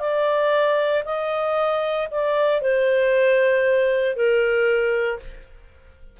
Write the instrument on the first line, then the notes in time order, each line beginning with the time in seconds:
clarinet
0.00 D5
1.05 D#5
2.11 D5
2.61 C5
4.16 A#4